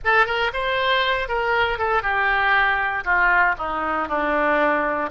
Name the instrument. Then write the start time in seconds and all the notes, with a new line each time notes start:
oboe
0.04 A4
0.25 A#4
0.53 C5
1.28 A#4
1.78 A4
2.02 G4
3.04 F4
3.58 D#4
4.08 D4